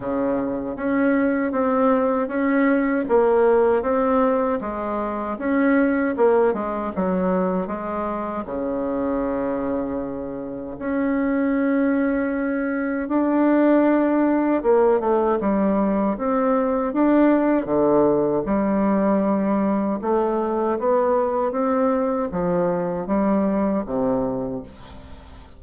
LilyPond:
\new Staff \with { instrumentName = "bassoon" } { \time 4/4 \tempo 4 = 78 cis4 cis'4 c'4 cis'4 | ais4 c'4 gis4 cis'4 | ais8 gis8 fis4 gis4 cis4~ | cis2 cis'2~ |
cis'4 d'2 ais8 a8 | g4 c'4 d'4 d4 | g2 a4 b4 | c'4 f4 g4 c4 | }